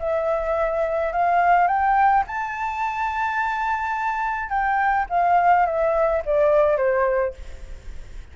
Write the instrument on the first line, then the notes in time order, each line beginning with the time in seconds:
flute
0.00 E5
1.13 F5
1.68 G5
2.27 A5
4.49 G5
5.10 F5
5.66 E5
6.26 D5
6.77 C5